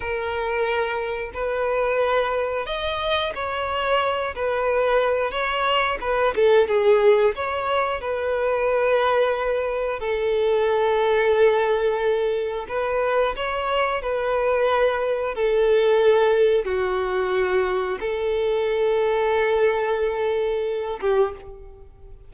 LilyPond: \new Staff \with { instrumentName = "violin" } { \time 4/4 \tempo 4 = 90 ais'2 b'2 | dis''4 cis''4. b'4. | cis''4 b'8 a'8 gis'4 cis''4 | b'2. a'4~ |
a'2. b'4 | cis''4 b'2 a'4~ | a'4 fis'2 a'4~ | a'2.~ a'8 g'8 | }